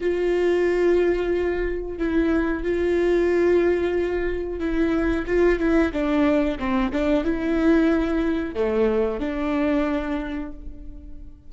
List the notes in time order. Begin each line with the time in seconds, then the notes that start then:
0.00 F4
1.98 E4
2.63 F4
4.59 E4
5.26 F4
5.59 E4
5.92 D4
6.59 C4
6.92 D4
7.24 E4
8.55 A3
9.19 D4